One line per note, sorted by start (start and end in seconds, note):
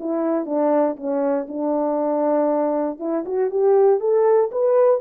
0.00 0.46 E4
0.46 0.97 D4
0.97 1.47 C#4
1.49 3.00 D4
3.00 3.25 E4
3.26 3.51 F#4
3.51 4.00 G4
4.00 4.51 A4
4.52 5.01 B4